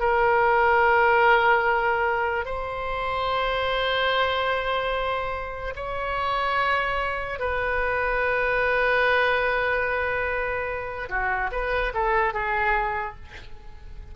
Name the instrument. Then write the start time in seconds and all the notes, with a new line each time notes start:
oboe
0.00 A#4
2.46 C5
5.76 C#5
7.40 B4
11.10 F#4
11.52 B4
11.94 A4
12.34 G#4